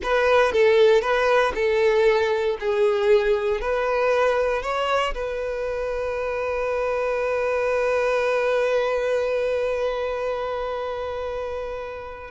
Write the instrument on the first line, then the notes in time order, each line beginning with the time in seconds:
violin
0.02 B4
0.52 A4
1.01 B4
1.54 A4
2.60 G#4
3.60 B4
4.62 C#5
5.14 B4